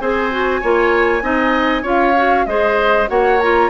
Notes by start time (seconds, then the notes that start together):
0.00 C4 G#4 C5 G#5
0.31 F#4
0.61 A#3 F4 C#5
1.21 C4 D#4 D#5
1.82 C#4 F4 C#5 F5
2.16 F#4
2.46 G#3 G#4 C5 D#5
3.08 A#3 F#4 C#5 F#5
3.40 F4 A#5